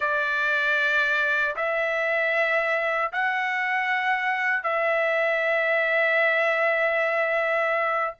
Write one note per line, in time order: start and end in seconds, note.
0.00 1.55 D5
1.56 3.12 E5
3.12 4.63 F#5
4.63 8.14 E5